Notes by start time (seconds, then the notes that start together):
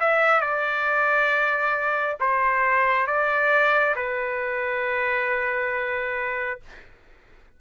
0.00 E5
0.41 D5
2.20 C5
3.07 D5
3.95 B4